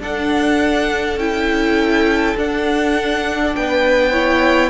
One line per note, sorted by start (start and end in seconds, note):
0.00 1.16 D4
0.00 1.19 D4
0.00 3.55 A4
0.00 1.19 F#5
1.16 2.34 C#4
1.16 2.37 E4
1.16 2.36 G5
2.37 3.54 D4
2.37 4.12 D4
2.37 3.55 F#5
3.55 4.69 B3
3.55 4.11 B4
3.55 4.69 G5
4.11 4.69 E4
4.11 4.69 C#5